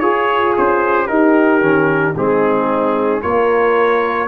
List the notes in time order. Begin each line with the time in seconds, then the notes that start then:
0.00 F4 G#4 C#5
0.57 C#4 C5
1.07 D#4 G4 A#4
1.61 D#3 C#4
2.16 G#3 C4 D#4 G#4
3.22 A#3 F4 A#4 C#5